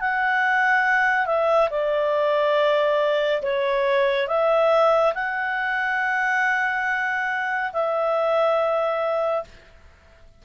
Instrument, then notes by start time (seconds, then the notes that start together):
clarinet
0.00 F#5
1.26 E5
1.70 D5
3.42 C#5
4.27 E5
5.14 F#5
7.72 E5